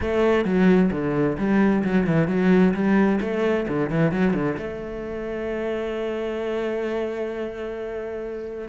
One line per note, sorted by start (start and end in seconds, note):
0.01 0.44 A3
0.44 0.90 F#3
0.91 1.37 D3
1.37 1.83 G3
1.84 2.06 F#3
2.06 2.27 E3
2.27 2.73 F#3
2.74 3.19 G3
3.21 3.66 A3
3.68 3.90 D3
3.90 4.11 E3
4.11 4.33 F#3
4.33 4.56 D3
4.57 8.68 A3